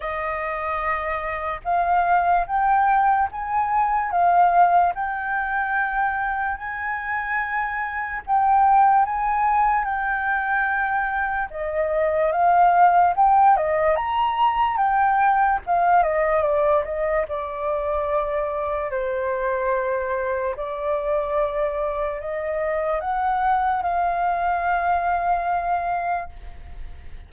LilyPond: \new Staff \with { instrumentName = "flute" } { \time 4/4 \tempo 4 = 73 dis''2 f''4 g''4 | gis''4 f''4 g''2 | gis''2 g''4 gis''4 | g''2 dis''4 f''4 |
g''8 dis''8 ais''4 g''4 f''8 dis''8 | d''8 dis''8 d''2 c''4~ | c''4 d''2 dis''4 | fis''4 f''2. | }